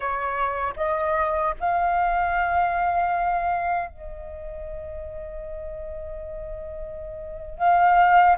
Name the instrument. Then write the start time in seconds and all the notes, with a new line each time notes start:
flute
0.00 C#5
0.76 D#5
1.59 F5
3.89 D#5
7.58 F5